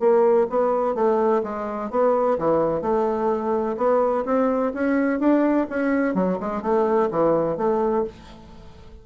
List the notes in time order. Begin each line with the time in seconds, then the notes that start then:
0.00 A#3
0.50 B3
0.95 A3
1.43 G#3
1.91 B3
2.39 E3
2.82 A3
3.78 B3
4.26 C4
4.75 C#4
5.20 D4
5.70 C#4
6.15 F#3
6.40 G#3
6.62 A3
7.11 E3
7.58 A3